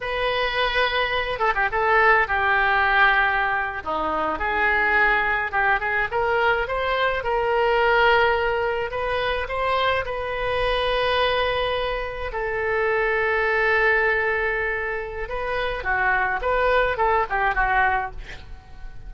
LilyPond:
\new Staff \with { instrumentName = "oboe" } { \time 4/4 \tempo 4 = 106 b'2~ b'8 a'16 g'16 a'4 | g'2~ g'8. dis'4 gis'16~ | gis'4.~ gis'16 g'8 gis'8 ais'4 c''16~ | c''8. ais'2. b'16~ |
b'8. c''4 b'2~ b'16~ | b'4.~ b'16 a'2~ a'16~ | a'2. b'4 | fis'4 b'4 a'8 g'8 fis'4 | }